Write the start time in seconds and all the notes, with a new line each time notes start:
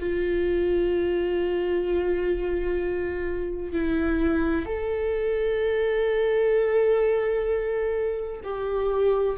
0.00 F4
3.73 E4
4.66 A4
8.44 G4